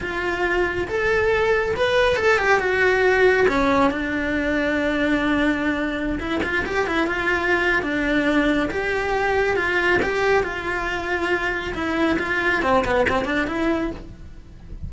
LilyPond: \new Staff \with { instrumentName = "cello" } { \time 4/4 \tempo 4 = 138 f'2 a'2 | b'4 a'8 g'8 fis'2 | cis'4 d'2.~ | d'2~ d'16 e'8 f'8 g'8 e'16~ |
e'16 f'4.~ f'16 d'2 | g'2 f'4 g'4 | f'2. e'4 | f'4 c'8 b8 c'8 d'8 e'4 | }